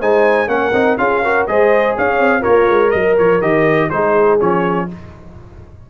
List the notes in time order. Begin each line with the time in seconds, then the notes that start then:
0.00 G#3 D#4 C5 G#5
0.47 A#3 C#4 A#4 F#5
0.72 C4 D#4
0.98 C#4 F4 G#4 F5
1.24 F#4 A#4
1.47 G#3 G#4 C5 D#5
1.97 C#4 C#5 F5
2.19 C4
2.40 F4 A#4 C#5
2.47 A#3
2.69 G#3
2.91 F#3 A#4 D#5
3.18 F3 C#5
3.40 D#3 G4 D#5
3.89 G#3 D#4 G#4 C5
4.40 F3 C#4 C#5